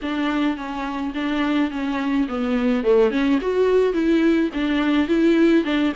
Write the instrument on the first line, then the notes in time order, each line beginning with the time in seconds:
viola
0.02 D4
0.56 C#4
1.14 D4
1.71 C#4
2.28 B3
2.83 A3
3.10 C#4
3.41 F#4
3.93 E4
4.53 D4
5.08 E4
5.64 D4